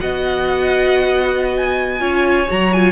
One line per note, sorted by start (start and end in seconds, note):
0.00 2.00 B3
0.00 1.99 F#4
0.00 2.01 D#5
0.00 1.54 F#5
1.57 2.51 G#5
1.99 2.48 C#4
1.99 2.46 F4
1.99 2.92 C#5
2.48 2.92 F#3
2.48 2.72 F#4
2.48 2.72 A#5
2.72 2.92 F4
2.72 2.92 G#5